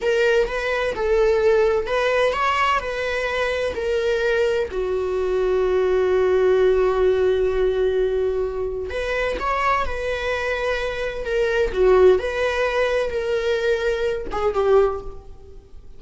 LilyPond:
\new Staff \with { instrumentName = "viola" } { \time 4/4 \tempo 4 = 128 ais'4 b'4 a'2 | b'4 cis''4 b'2 | ais'2 fis'2~ | fis'1~ |
fis'2. b'4 | cis''4 b'2. | ais'4 fis'4 b'2 | ais'2~ ais'8 gis'8 g'4 | }